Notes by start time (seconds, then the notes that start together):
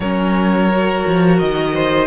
0.00 F#3 C#4 A#4 C#5
0.70 F#4
1.07 F3
1.39 D#3 D#5
1.73 C5